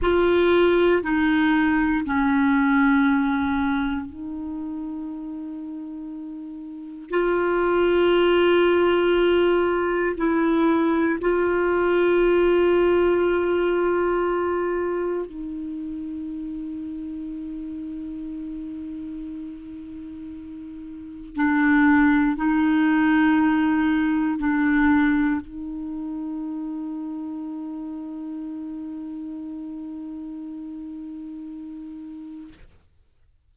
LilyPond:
\new Staff \with { instrumentName = "clarinet" } { \time 4/4 \tempo 4 = 59 f'4 dis'4 cis'2 | dis'2. f'4~ | f'2 e'4 f'4~ | f'2. dis'4~ |
dis'1~ | dis'4 d'4 dis'2 | d'4 dis'2.~ | dis'1 | }